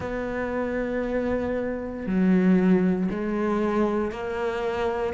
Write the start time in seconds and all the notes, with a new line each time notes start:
0.00 B3
2.06 F#3
3.10 G#3
4.11 A#3